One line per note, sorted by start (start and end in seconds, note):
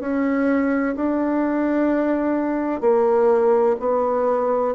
0.00 0.95 C#4
0.96 2.81 D4
2.81 3.76 A#3
3.80 4.75 B3